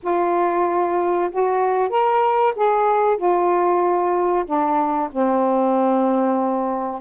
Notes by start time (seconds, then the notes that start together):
0.02 F4
1.31 F#4
1.89 A#4
2.55 G#4
3.17 F4
4.45 D4
5.11 C4